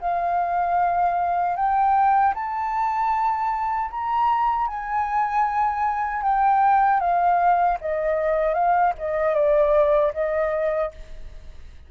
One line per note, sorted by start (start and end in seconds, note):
0.00 1.55 F5
1.55 2.33 G5
2.34 3.90 A5
3.90 4.67 A#5
4.67 6.22 G#5
6.22 7.00 G5
7.00 7.77 F5
7.80 8.54 D#5
8.54 8.93 F5
8.98 9.34 D#5
9.34 10.12 D5
10.13 10.91 D#5